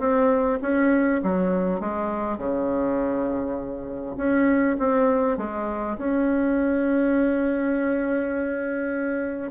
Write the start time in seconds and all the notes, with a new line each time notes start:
0.00 C4
0.62 C#4
1.23 F#3
1.81 G#3
2.38 C#3
4.17 C#4
4.79 C4
5.38 G#3
5.98 C#4